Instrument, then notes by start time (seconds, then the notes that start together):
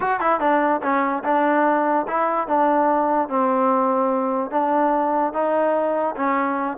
trombone
0.00 F#4
0.20 E4
0.40 D4
0.82 C#4
1.24 D4
2.07 E4
2.47 D4
3.29 C4
4.51 D4
5.33 D#4
6.16 C#4